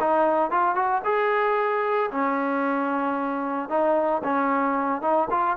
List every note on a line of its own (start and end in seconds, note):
0.00 0.51 D#4
0.51 0.75 F4
0.75 1.02 F#4
1.05 2.11 G#4
2.11 3.69 C#4
3.69 4.22 D#4
4.24 5.02 C#4
5.02 5.28 D#4
5.30 5.57 F4